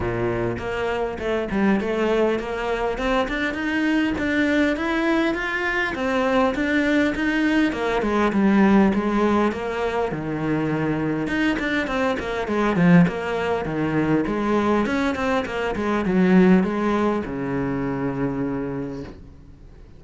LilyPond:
\new Staff \with { instrumentName = "cello" } { \time 4/4 \tempo 4 = 101 ais,4 ais4 a8 g8 a4 | ais4 c'8 d'8 dis'4 d'4 | e'4 f'4 c'4 d'4 | dis'4 ais8 gis8 g4 gis4 |
ais4 dis2 dis'8 d'8 | c'8 ais8 gis8 f8 ais4 dis4 | gis4 cis'8 c'8 ais8 gis8 fis4 | gis4 cis2. | }